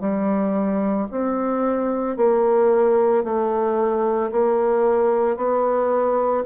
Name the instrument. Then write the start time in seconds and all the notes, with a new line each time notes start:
bassoon
0.00 G3
1.11 C4
2.17 A#3
3.24 A3
4.31 A#3
5.37 B3